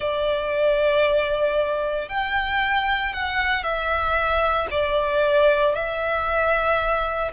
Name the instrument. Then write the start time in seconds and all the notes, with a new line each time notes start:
violin
0.00 D5
2.08 G5
3.13 F#5
3.63 E5
4.71 D5
5.74 E5